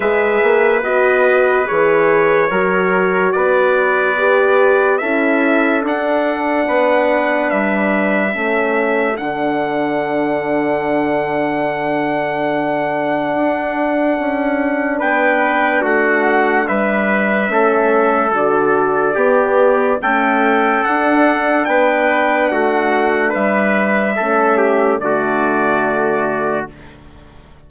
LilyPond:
<<
  \new Staff \with { instrumentName = "trumpet" } { \time 4/4 \tempo 4 = 72 e''4 dis''4 cis''2 | d''2 e''4 fis''4~ | fis''4 e''2 fis''4~ | fis''1~ |
fis''2 g''4 fis''4 | e''2 d''2 | g''4 fis''4 g''4 fis''4 | e''2 d''2 | }
  \new Staff \with { instrumentName = "trumpet" } { \time 4/4 b'2. ais'4 | b'2 a'2 | b'2 a'2~ | a'1~ |
a'2 b'4 fis'4 | b'4 a'2 g'4 | a'2 b'4 fis'4 | b'4 a'8 g'8 fis'2 | }
  \new Staff \with { instrumentName = "horn" } { \time 4/4 gis'4 fis'4 gis'4 fis'4~ | fis'4 g'4 e'4 d'4~ | d'2 cis'4 d'4~ | d'1~ |
d'1~ | d'4 cis'4 fis'4 b4 | a4 d'2.~ | d'4 cis'4 a2 | }
  \new Staff \with { instrumentName = "bassoon" } { \time 4/4 gis8 ais8 b4 e4 fis4 | b2 cis'4 d'4 | b4 g4 a4 d4~ | d1 |
d'4 cis'4 b4 a4 | g4 a4 d4 b4 | cis'4 d'4 b4 a4 | g4 a4 d2 | }
>>